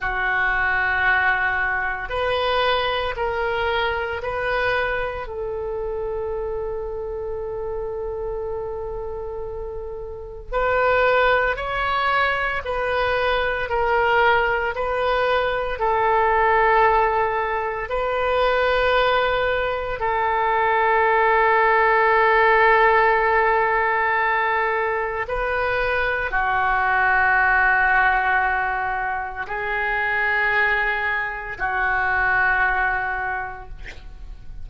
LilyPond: \new Staff \with { instrumentName = "oboe" } { \time 4/4 \tempo 4 = 57 fis'2 b'4 ais'4 | b'4 a'2.~ | a'2 b'4 cis''4 | b'4 ais'4 b'4 a'4~ |
a'4 b'2 a'4~ | a'1 | b'4 fis'2. | gis'2 fis'2 | }